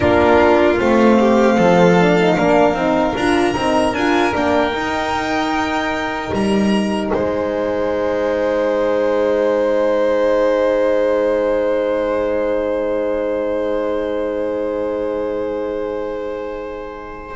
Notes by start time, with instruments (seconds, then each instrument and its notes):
0.00 double bass A#3, horn D4, violin F4 A#4
0.77 double bass A3, horn C4, violin F5
1.19 violin G4
1.56 double bass F3, violin A4
2.00 horn D4
2.19 horn D#4
2.37 double bass A#3, horn D4, violin A#4
2.74 double bass C4, horn D#4
3.15 double bass D4, horn F4, violin A#5
3.55 double bass C4, horn D#4
3.93 double bass D4, horn F4, violin G#5
4.32 double bass A#3, horn D4, violin G5
4.72 horn D#4, double bass D#4
6.32 double bass G3, violin A#5
7.10 double bass G#3, violin C5 G#5